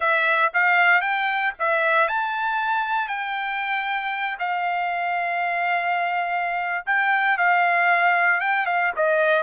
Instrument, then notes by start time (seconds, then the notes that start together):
trumpet
0.00 E5
0.53 F5
1.01 G5
1.59 E5
2.08 A5
3.08 G5
4.39 F5
6.86 G5
7.37 F5
8.40 G5
8.66 F5
8.96 D#5